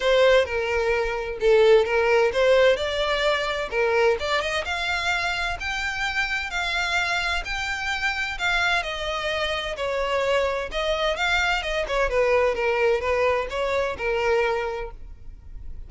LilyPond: \new Staff \with { instrumentName = "violin" } { \time 4/4 \tempo 4 = 129 c''4 ais'2 a'4 | ais'4 c''4 d''2 | ais'4 d''8 dis''8 f''2 | g''2 f''2 |
g''2 f''4 dis''4~ | dis''4 cis''2 dis''4 | f''4 dis''8 cis''8 b'4 ais'4 | b'4 cis''4 ais'2 | }